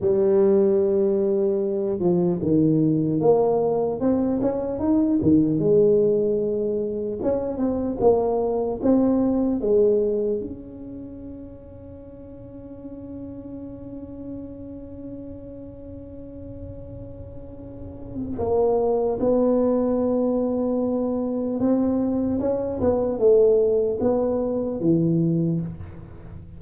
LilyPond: \new Staff \with { instrumentName = "tuba" } { \time 4/4 \tempo 4 = 75 g2~ g8 f8 dis4 | ais4 c'8 cis'8 dis'8 dis8 gis4~ | gis4 cis'8 c'8 ais4 c'4 | gis4 cis'2.~ |
cis'1~ | cis'2. ais4 | b2. c'4 | cis'8 b8 a4 b4 e4 | }